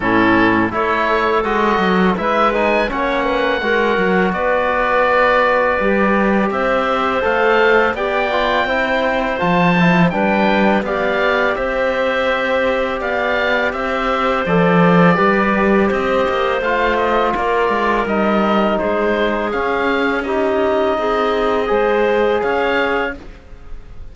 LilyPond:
<<
  \new Staff \with { instrumentName = "oboe" } { \time 4/4 \tempo 4 = 83 a'4 cis''4 dis''4 e''8 gis''8 | fis''2 d''2~ | d''4 e''4 f''4 g''4~ | g''4 a''4 g''4 f''4 |
e''2 f''4 e''4 | d''2 dis''4 f''8 dis''8 | d''4 dis''4 c''4 f''4 | dis''2. f''4 | }
  \new Staff \with { instrumentName = "clarinet" } { \time 4/4 e'4 a'2 b'4 | cis''8 b'8 ais'4 b'2~ | b'4 c''2 d''4 | c''2 b'4 d''4 |
c''2 d''4 c''4~ | c''4 b'4 c''2 | ais'2 gis'2 | g'4 gis'4 c''4 cis''4 | }
  \new Staff \with { instrumentName = "trombone" } { \time 4/4 cis'4 e'4 fis'4 e'8 dis'8 | cis'4 fis'2. | g'2 a'4 g'8 f'8 | e'4 f'8 e'8 d'4 g'4~ |
g'1 | a'4 g'2 f'4~ | f'4 dis'2 cis'4 | dis'2 gis'2 | }
  \new Staff \with { instrumentName = "cello" } { \time 4/4 a,4 a4 gis8 fis8 gis4 | ais4 gis8 fis8 b2 | g4 c'4 a4 b4 | c'4 f4 g4 b4 |
c'2 b4 c'4 | f4 g4 c'8 ais8 a4 | ais8 gis8 g4 gis4 cis'4~ | cis'4 c'4 gis4 cis'4 | }
>>